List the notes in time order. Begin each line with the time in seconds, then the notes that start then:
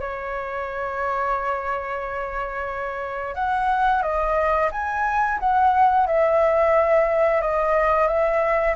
0.00 C#5
3.35 F#5
4.02 D#5
4.72 G#5
5.39 F#5
6.07 E5
7.41 D#5
8.07 E5